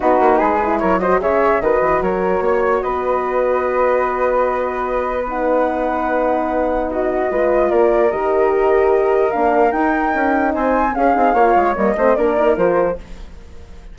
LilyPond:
<<
  \new Staff \with { instrumentName = "flute" } { \time 4/4 \tempo 4 = 148 b'2 cis''8 dis''8 e''4 | dis''4 cis''2 dis''4~ | dis''1~ | dis''4 fis''2.~ |
fis''4 dis''2 d''4 | dis''2. f''4 | g''2 gis''4 f''4~ | f''4 dis''4 d''4 c''4 | }
  \new Staff \with { instrumentName = "flute" } { \time 4/4 fis'4 gis'4 ais'8 c''8 cis''4 | b'4 ais'4 cis''4 b'4~ | b'1~ | b'1~ |
b'4 fis'4 b'4 ais'4~ | ais'1~ | ais'2 c''4 gis'4 | cis''4. c''8 ais'2 | }
  \new Staff \with { instrumentName = "horn" } { \time 4/4 dis'4. e'4 fis'8 gis'4 | fis'1~ | fis'1~ | fis'4 dis'2.~ |
dis'2 f'2 | g'2. d'4 | dis'2. cis'8 dis'8 | f'4 ais8 c'8 d'8 dis'8 f'4 | }
  \new Staff \with { instrumentName = "bassoon" } { \time 4/4 b8 ais8 gis4 fis4 cis4 | dis8 e8 fis4 ais4 b4~ | b1~ | b1~ |
b2 gis4 ais4 | dis2. ais4 | dis'4 cis'4 c'4 cis'8 c'8 | ais8 gis8 g8 a8 ais4 f4 | }
>>